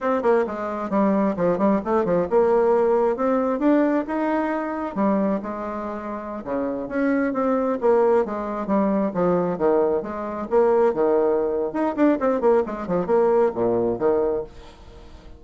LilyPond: \new Staff \with { instrumentName = "bassoon" } { \time 4/4 \tempo 4 = 133 c'8 ais8 gis4 g4 f8 g8 | a8 f8 ais2 c'4 | d'4 dis'2 g4 | gis2~ gis16 cis4 cis'8.~ |
cis'16 c'4 ais4 gis4 g8.~ | g16 f4 dis4 gis4 ais8.~ | ais16 dis4.~ dis16 dis'8 d'8 c'8 ais8 | gis8 f8 ais4 ais,4 dis4 | }